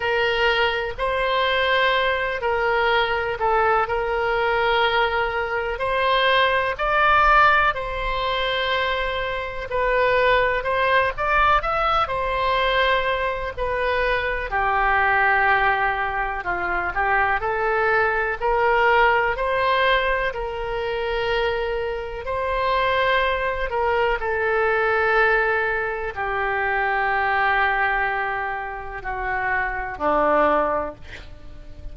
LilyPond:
\new Staff \with { instrumentName = "oboe" } { \time 4/4 \tempo 4 = 62 ais'4 c''4. ais'4 a'8 | ais'2 c''4 d''4 | c''2 b'4 c''8 d''8 | e''8 c''4. b'4 g'4~ |
g'4 f'8 g'8 a'4 ais'4 | c''4 ais'2 c''4~ | c''8 ais'8 a'2 g'4~ | g'2 fis'4 d'4 | }